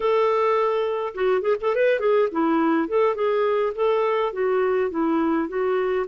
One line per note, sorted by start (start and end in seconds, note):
0.00 1.13 A4
1.14 1.41 F#4
1.41 1.56 G#4
1.60 1.75 A4
1.75 1.99 B4
1.99 2.28 G#4
2.31 2.88 E4
2.88 3.15 A4
3.15 3.72 G#4
3.75 4.32 A4
4.32 4.90 F#4
4.90 5.48 E4
5.48 6.06 F#4